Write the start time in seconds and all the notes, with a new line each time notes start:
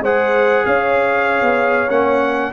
0.00 G#3 G#4 C5 F#5
0.65 C#4 C#5 F5
1.41 B3
1.89 A#3 C#4 F#5